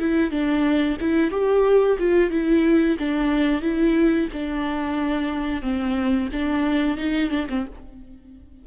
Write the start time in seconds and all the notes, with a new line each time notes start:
0.00 E4
0.31 D4
1.01 E4
1.31 G4
1.99 F4
2.31 E4
2.99 D4
3.62 E4
4.33 D4
5.62 C4
6.33 D4
6.98 D#4
7.31 D4
7.49 C4